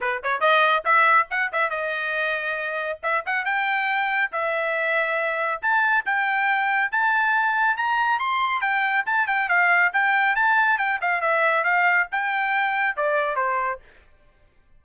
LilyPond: \new Staff \with { instrumentName = "trumpet" } { \time 4/4 \tempo 4 = 139 b'8 cis''8 dis''4 e''4 fis''8 e''8 | dis''2. e''8 fis''8 | g''2 e''2~ | e''4 a''4 g''2 |
a''2 ais''4 c'''4 | g''4 a''8 g''8 f''4 g''4 | a''4 g''8 f''8 e''4 f''4 | g''2 d''4 c''4 | }